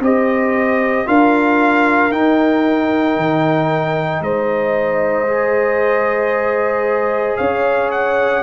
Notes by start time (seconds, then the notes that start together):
0.00 C4 G4 C5 D#5
1.06 D4 F4 A#4 F5
2.11 D#4 G5
3.17 D#3
4.21 G#3 C5 D#5
5.28 G#4
7.37 C#4 C#5 F5
7.91 F#5